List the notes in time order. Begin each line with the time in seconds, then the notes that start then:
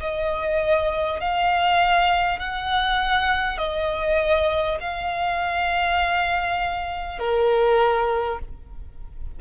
0.00 D#5
1.20 F5
2.39 F#5
3.58 D#5
4.81 F5
7.19 A#4